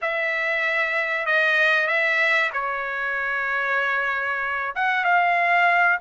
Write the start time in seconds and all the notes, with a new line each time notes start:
0.01 E5
1.25 D#5
1.87 E5
2.53 C#5
4.75 F#5
5.04 F5